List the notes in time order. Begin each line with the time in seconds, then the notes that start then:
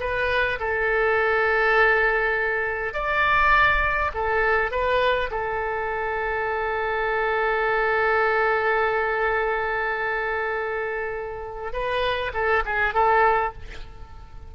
0.00 B4
0.60 A4
2.94 D5
4.14 A4
4.71 B4
5.30 A4
11.73 B4
12.34 A4
12.65 G#4
12.94 A4